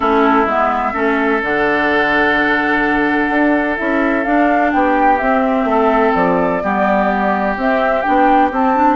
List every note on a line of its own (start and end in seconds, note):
0.00 0.45 A3
0.00 0.46 C#4
0.00 0.93 E4
0.00 0.47 A4
0.45 0.93 G#3
0.45 0.93 B3
0.45 1.42 E5
0.93 1.41 A3
0.93 1.40 C#4
0.93 4.71 A4
1.41 3.29 D3
1.41 3.77 D4
1.41 3.77 F#5
3.29 3.77 D4
3.77 4.25 C#4
3.77 4.24 E4
3.77 4.23 E5
4.23 5.19 D4
4.23 4.73 D4
4.23 4.71 F5
4.72 5.20 B3
4.72 5.69 G4
4.72 5.17 G5
5.17 5.64 C4
5.17 6.62 C4
5.17 6.12 E5
5.64 6.11 A3
5.64 6.63 A4
6.14 6.62 F3
6.14 7.56 D5
6.62 7.56 G3
6.62 7.56 B3
6.62 8.95 G4
7.56 8.04 C4
7.56 8.01 E5
8.01 8.51 D4
8.01 8.49 G5
8.07 8.51 B3
8.51 8.95 C4
8.51 8.75 C4
8.51 8.95 A5
8.75 8.95 D4